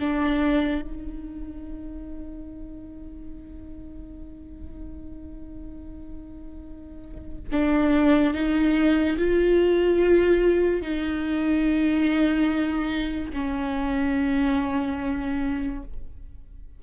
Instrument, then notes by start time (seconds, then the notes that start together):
viola
0.00 D4
0.83 D#4
7.52 D4
8.34 D#4
9.18 F4
10.82 D#4
13.33 C#4